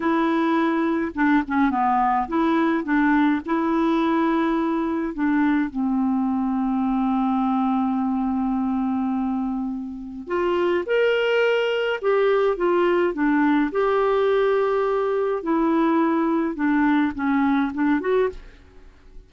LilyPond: \new Staff \with { instrumentName = "clarinet" } { \time 4/4 \tempo 4 = 105 e'2 d'8 cis'8 b4 | e'4 d'4 e'2~ | e'4 d'4 c'2~ | c'1~ |
c'2 f'4 ais'4~ | ais'4 g'4 f'4 d'4 | g'2. e'4~ | e'4 d'4 cis'4 d'8 fis'8 | }